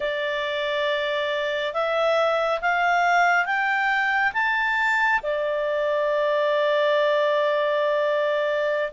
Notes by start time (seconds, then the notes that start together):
0.00 D5
1.73 E5
2.61 F5
3.45 G5
4.33 A5
5.22 D5